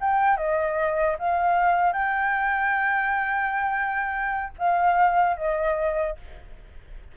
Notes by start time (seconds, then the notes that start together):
0.00 G5
0.37 D#5
1.19 F5
1.93 G5
4.58 F5
5.37 D#5